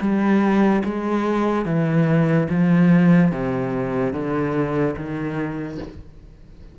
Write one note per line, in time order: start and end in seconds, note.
0.00 0.82 G3
0.84 1.65 G#3
1.65 2.47 E3
2.49 3.31 F3
3.31 4.12 C3
4.12 4.95 D3
4.96 5.78 D#3